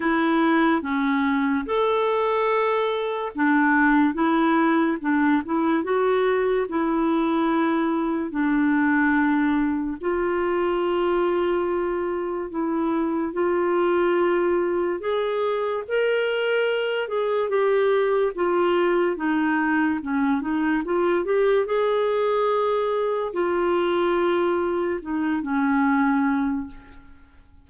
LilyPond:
\new Staff \with { instrumentName = "clarinet" } { \time 4/4 \tempo 4 = 72 e'4 cis'4 a'2 | d'4 e'4 d'8 e'8 fis'4 | e'2 d'2 | f'2. e'4 |
f'2 gis'4 ais'4~ | ais'8 gis'8 g'4 f'4 dis'4 | cis'8 dis'8 f'8 g'8 gis'2 | f'2 dis'8 cis'4. | }